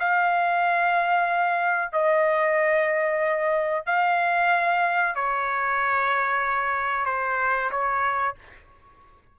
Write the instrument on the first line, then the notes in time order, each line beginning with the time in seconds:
trumpet
0.00 F5
1.93 D#5
3.87 F5
5.15 C#5
7.06 C5
7.71 C#5